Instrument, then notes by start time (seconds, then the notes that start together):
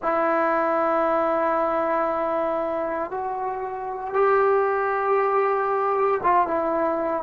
trombone
0.02 E4
3.10 F#4
4.13 G4
6.23 F4
6.47 E4